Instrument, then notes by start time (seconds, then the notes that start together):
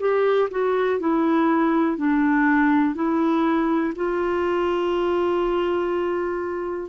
clarinet
0.00 G4
0.51 F#4
1.00 E4
1.98 D4
2.96 E4
3.96 F4